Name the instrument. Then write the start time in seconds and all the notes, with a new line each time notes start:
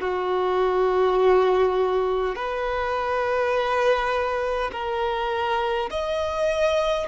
violin
0.00 F#4
2.36 B4
4.72 A#4
5.90 D#5